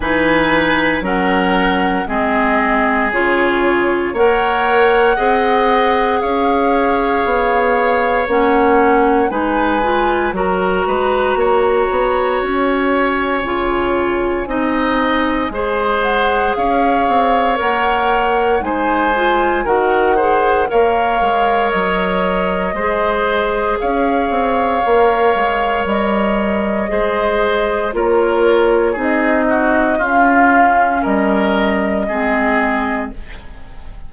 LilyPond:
<<
  \new Staff \with { instrumentName = "flute" } { \time 4/4 \tempo 4 = 58 gis''4 fis''4 dis''4 cis''4 | fis''2 f''2 | fis''4 gis''4 ais''2 | gis''2.~ gis''8 fis''8 |
f''4 fis''4 gis''4 fis''4 | f''4 dis''2 f''4~ | f''4 dis''2 cis''4 | dis''4 f''4 dis''2 | }
  \new Staff \with { instrumentName = "oboe" } { \time 4/4 b'4 ais'4 gis'2 | cis''4 dis''4 cis''2~ | cis''4 b'4 ais'8 b'8 cis''4~ | cis''2 dis''4 c''4 |
cis''2 c''4 ais'8 c''8 | cis''2 c''4 cis''4~ | cis''2 c''4 ais'4 | gis'8 fis'8 f'4 ais'4 gis'4 | }
  \new Staff \with { instrumentName = "clarinet" } { \time 4/4 dis'4 cis'4 c'4 f'4 | ais'4 gis'2. | cis'4 dis'8 f'8 fis'2~ | fis'4 f'4 dis'4 gis'4~ |
gis'4 ais'4 dis'8 f'8 fis'8 gis'8 | ais'2 gis'2 | ais'2 gis'4 f'4 | dis'4 cis'2 c'4 | }
  \new Staff \with { instrumentName = "bassoon" } { \time 4/4 e4 fis4 gis4 cis4 | ais4 c'4 cis'4 b4 | ais4 gis4 fis8 gis8 ais8 b8 | cis'4 cis4 c'4 gis4 |
cis'8 c'8 ais4 gis4 dis4 | ais8 gis8 fis4 gis4 cis'8 c'8 | ais8 gis8 g4 gis4 ais4 | c'4 cis'4 g4 gis4 | }
>>